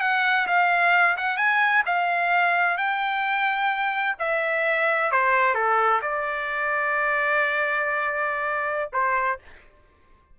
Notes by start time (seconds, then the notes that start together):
0.00 F#5
0.47 F5
1.17 F#5
1.37 G#5
1.86 F5
2.77 G5
4.19 E5
5.11 C5
5.54 A4
6.02 D5
8.92 C5